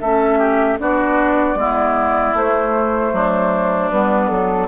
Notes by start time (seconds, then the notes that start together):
0.00 A3 C#4 A4 E5
0.38 G4
0.79 B3 D4 F#4 D5
1.55 G#3 B3 E4
2.34 A3 C5
3.12 F#3 D4
3.91 G3 B3 B4
4.29 F#3 A4